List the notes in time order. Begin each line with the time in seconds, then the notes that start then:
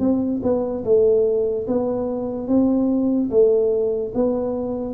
0.00 C4
0.43 B3
0.85 A3
1.68 B3
2.48 C4
3.31 A3
4.15 B3